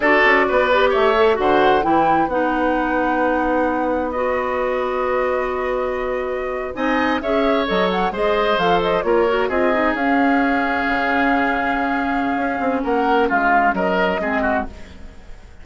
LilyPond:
<<
  \new Staff \with { instrumentName = "flute" } { \time 4/4 \tempo 4 = 131 d''2 e''4 fis''4 | g''4 fis''2.~ | fis''4 dis''2.~ | dis''2~ dis''8. gis''4 e''16~ |
e''8. dis''8 fis''8 dis''4 f''8 dis''8 cis''16~ | cis''8. dis''4 f''2~ f''16~ | f''1 | fis''4 f''4 dis''2 | }
  \new Staff \with { instrumentName = "oboe" } { \time 4/4 a'4 b'4 cis''4 c''4 | b'1~ | b'1~ | b'2~ b'8. dis''4 cis''16~ |
cis''4.~ cis''16 c''2 ais'16~ | ais'8. gis'2.~ gis'16~ | gis'1 | ais'4 f'4 ais'4 gis'8 fis'8 | }
  \new Staff \with { instrumentName = "clarinet" } { \time 4/4 fis'4. g'4 a'8 fis'4 | e'4 dis'2.~ | dis'4 fis'2.~ | fis'2~ fis'8. dis'4 gis'16~ |
gis'8. a'4 gis'4 a'4 f'16~ | f'16 fis'8 f'8 dis'8 cis'2~ cis'16~ | cis'1~ | cis'2. c'4 | }
  \new Staff \with { instrumentName = "bassoon" } { \time 4/4 d'8 cis'8 b4 a4 d4 | e4 b2.~ | b1~ | b2~ b8. c'4 cis'16~ |
cis'8. fis4 gis4 f4 ais16~ | ais8. c'4 cis'2 cis16~ | cis2. cis'8 c'8 | ais4 gis4 fis4 gis4 | }
>>